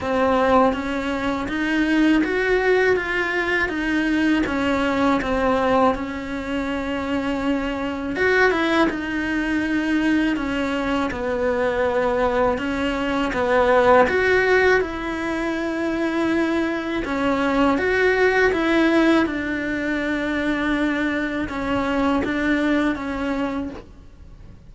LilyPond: \new Staff \with { instrumentName = "cello" } { \time 4/4 \tempo 4 = 81 c'4 cis'4 dis'4 fis'4 | f'4 dis'4 cis'4 c'4 | cis'2. fis'8 e'8 | dis'2 cis'4 b4~ |
b4 cis'4 b4 fis'4 | e'2. cis'4 | fis'4 e'4 d'2~ | d'4 cis'4 d'4 cis'4 | }